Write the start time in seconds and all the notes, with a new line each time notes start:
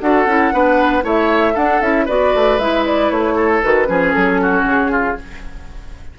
0.00 D4 F#4 A4 F#5
0.26 C#4 E4
0.52 B3 D4 B4
1.02 A3 E4 C#5 E5
1.54 D4 A4 F#5
1.81 C#4 E4 E5
2.05 B3 F#4 B4 D5
2.34 A3
2.59 G#3 E4 E5
2.86 D5
3.10 A3 C#5
3.35 A4
3.63 D#3 F#4 B4
3.85 F3 C#4 G#4
4.12 F#3 A4
4.41 F#4
4.63 C#3 G#4
4.91 F4